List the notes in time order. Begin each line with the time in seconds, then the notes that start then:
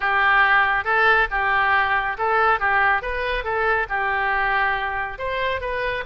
0.00 G4
0.84 A4
1.30 G4
2.18 A4
2.59 G4
3.01 B4
3.43 A4
3.89 G4
5.18 C5
5.60 B4